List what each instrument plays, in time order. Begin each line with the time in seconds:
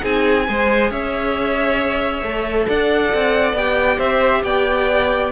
0.00 cello C4, viola D#4, violin G#4 G#5
0.48 cello G#3, viola G#4, violin C5
0.90 cello C#4, violin C#5 E5
2.22 cello A3, viola A4
2.67 cello D4, violin D5 F#5
3.14 cello C4
3.53 cello B3, viola G4, violin G5
3.97 cello C4, violin C5 E5
4.43 cello B3, violin D5 G5